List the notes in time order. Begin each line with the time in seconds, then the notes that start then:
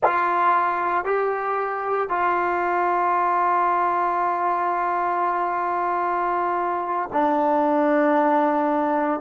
0.03 F4
1.04 G4
2.09 F4
7.12 D4